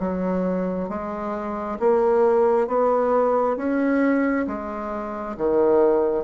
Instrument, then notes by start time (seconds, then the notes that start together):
bassoon
0.00 F#3
0.89 G#3
1.80 A#3
2.68 B3
3.57 C#4
4.47 G#3
5.37 D#3